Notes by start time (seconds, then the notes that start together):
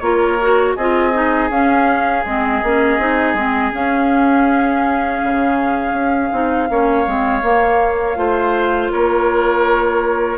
0.00 A#3 F4 A#4 C#5
0.41 F#4
0.76 C4 F4 G#4 D#5
1.13 D#4
1.50 C#4 F5
2.25 G#3 C4 D#5
2.63 A#3 C#4
2.99 C4 D#4
3.34 G#3 C4
3.72 C#4 F5
5.23 C#3
5.92 C#4
6.32 C4 D#4
6.70 A#3 C#4 C#5
7.06 G#3 C4
7.42 A#3
8.16 A3 F4 C5
8.92 A#3 A#4 C#5